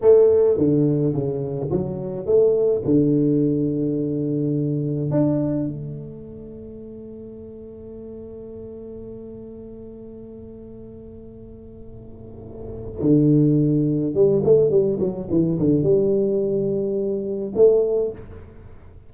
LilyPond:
\new Staff \with { instrumentName = "tuba" } { \time 4/4 \tempo 4 = 106 a4 d4 cis4 fis4 | a4 d2.~ | d4 d'4 a2~ | a1~ |
a1~ | a2. d4~ | d4 g8 a8 g8 fis8 e8 d8 | g2. a4 | }